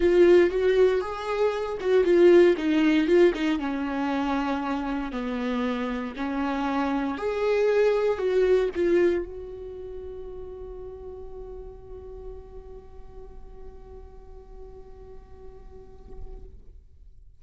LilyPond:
\new Staff \with { instrumentName = "viola" } { \time 4/4 \tempo 4 = 117 f'4 fis'4 gis'4. fis'8 | f'4 dis'4 f'8 dis'8 cis'4~ | cis'2 b2 | cis'2 gis'2 |
fis'4 f'4 fis'2~ | fis'1~ | fis'1~ | fis'1 | }